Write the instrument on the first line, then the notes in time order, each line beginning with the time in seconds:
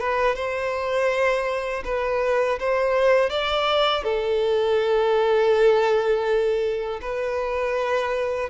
violin
0.00 B4
0.35 C5
1.85 B4
2.60 C5
3.30 D5
4.04 A4
7.02 B4